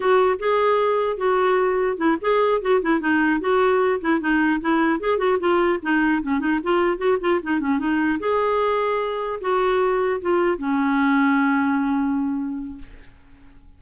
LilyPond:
\new Staff \with { instrumentName = "clarinet" } { \time 4/4 \tempo 4 = 150 fis'4 gis'2 fis'4~ | fis'4 e'8 gis'4 fis'8 e'8 dis'8~ | dis'8 fis'4. e'8 dis'4 e'8~ | e'8 gis'8 fis'8 f'4 dis'4 cis'8 |
dis'8 f'4 fis'8 f'8 dis'8 cis'8 dis'8~ | dis'8 gis'2. fis'8~ | fis'4. f'4 cis'4.~ | cis'1 | }